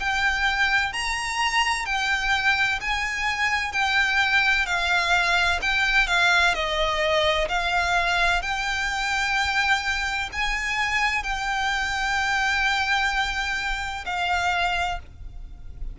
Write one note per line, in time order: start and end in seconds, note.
0.00 0.93 G5
0.93 1.86 A#5
1.86 2.80 G5
2.81 3.73 G#5
3.73 4.67 G5
4.67 5.60 F5
5.62 6.08 G5
6.08 6.55 F5
6.55 7.48 D#5
7.49 8.42 F5
8.42 10.30 G5
10.33 11.24 G#5
11.24 14.05 G5
14.06 15.00 F5